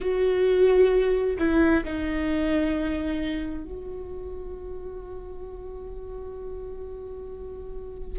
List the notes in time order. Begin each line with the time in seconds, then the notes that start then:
0.00 F#4
1.38 E4
1.84 D#4
3.64 F#4